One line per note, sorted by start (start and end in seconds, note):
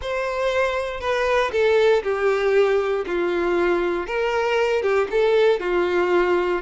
0.01 1.00 C5
1.00 1.51 B4
1.51 2.02 A4
2.03 3.05 G4
3.06 4.07 F4
4.07 4.82 A#4
4.82 5.07 G4
5.11 5.60 A4
5.60 6.61 F4